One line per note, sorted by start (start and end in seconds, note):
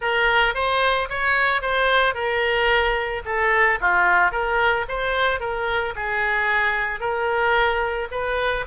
0.01 0.54 A#4
0.54 1.08 C5
1.09 1.61 C#5
1.61 2.14 C5
2.14 3.22 A#4
3.25 3.79 A4
3.80 4.31 F4
4.31 4.85 A#4
4.88 5.40 C5
5.40 5.94 A#4
5.95 7.00 G#4
7.00 8.08 A#4
8.11 8.65 B4